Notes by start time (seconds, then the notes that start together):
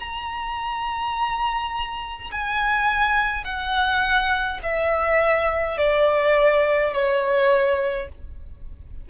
0.00 A#5
2.32 G#5
3.45 F#5
4.64 E5
5.78 D5
6.93 C#5